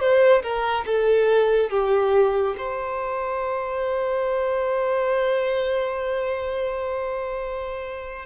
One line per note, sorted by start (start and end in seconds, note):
0.00 0.42 C5
0.43 0.85 A#4
0.86 1.70 A4
1.71 2.55 G4
2.57 8.26 C5